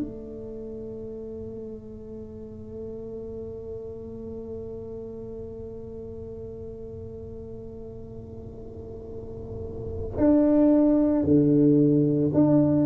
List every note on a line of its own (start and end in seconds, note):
0.00 10.17 A3
10.17 11.24 D4
11.24 12.31 D3
12.34 12.86 D4